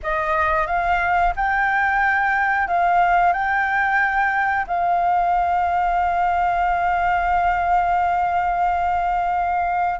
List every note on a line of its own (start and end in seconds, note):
0.02 0.67 D#5
0.67 1.33 F5
1.36 2.67 G5
2.67 3.32 F5
3.32 4.66 G5
4.67 9.99 F5